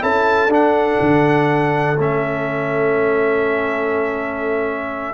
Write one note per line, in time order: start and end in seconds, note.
0.00 0.47 C#4
0.00 0.49 E4
0.00 5.14 A4
0.00 0.51 A5
0.47 0.96 D4
0.47 1.96 D4
0.53 2.00 F#5
1.01 1.98 D3
1.98 5.14 A3
1.98 5.14 C#4
1.98 5.14 E5